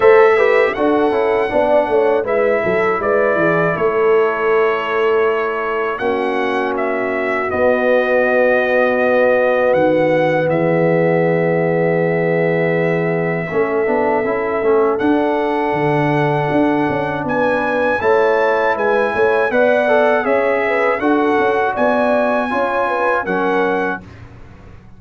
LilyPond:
<<
  \new Staff \with { instrumentName = "trumpet" } { \time 4/4 \tempo 4 = 80 e''4 fis''2 e''4 | d''4 cis''2. | fis''4 e''4 dis''2~ | dis''4 fis''4 e''2~ |
e''1 | fis''2. gis''4 | a''4 gis''4 fis''4 e''4 | fis''4 gis''2 fis''4 | }
  \new Staff \with { instrumentName = "horn" } { \time 4/4 c''8 b'8 a'4 d''8 cis''8 b'8 a'8 | b'8 gis'8 a'2. | fis'1~ | fis'2 gis'2~ |
gis'2 a'2~ | a'2. b'4 | cis''4 b'8 cis''8 d''4 cis''8 b'8 | a'4 d''4 cis''8 b'8 ais'4 | }
  \new Staff \with { instrumentName = "trombone" } { \time 4/4 a'8 g'8 fis'8 e'8 d'4 e'4~ | e'1 | cis'2 b2~ | b1~ |
b2 cis'8 d'8 e'8 cis'8 | d'1 | e'2 b'8 a'8 gis'4 | fis'2 f'4 cis'4 | }
  \new Staff \with { instrumentName = "tuba" } { \time 4/4 a4 d'8 cis'8 b8 a8 gis8 fis8 | gis8 e8 a2. | ais2 b2~ | b4 dis4 e2~ |
e2 a8 b8 cis'8 a8 | d'4 d4 d'8 cis'8 b4 | a4 gis8 a8 b4 cis'4 | d'8 cis'8 b4 cis'4 fis4 | }
>>